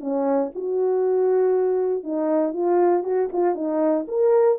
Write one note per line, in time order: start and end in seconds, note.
0.00 0.51 C#4
0.55 2.03 F#4
2.03 2.53 D#4
2.53 3.03 F4
3.03 3.29 F#4
3.32 3.55 F4
3.55 4.06 D#4
4.07 4.58 A#4